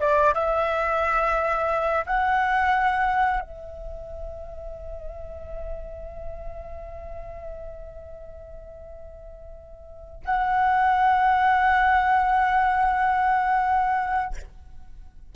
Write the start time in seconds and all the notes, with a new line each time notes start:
0.00 D5
0.35 E5
2.07 F#5
3.41 E5
10.25 F#5